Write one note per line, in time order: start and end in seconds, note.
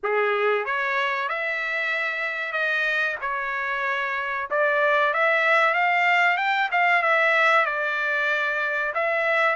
0.03 0.65 G#4
0.65 1.28 C#5
1.28 2.52 E5
2.52 3.16 D#5
3.21 4.48 C#5
4.50 5.13 D5
5.13 5.74 E5
5.74 6.37 F5
6.37 6.69 G5
6.71 7.02 F5
7.02 7.65 E5
7.65 8.93 D5
8.94 9.55 E5